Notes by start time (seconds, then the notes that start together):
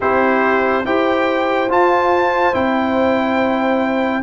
0.00 C4 E4 G4 C5
0.85 E4 G4 C5 G5
1.69 F4 A5
2.53 C4 E4 G5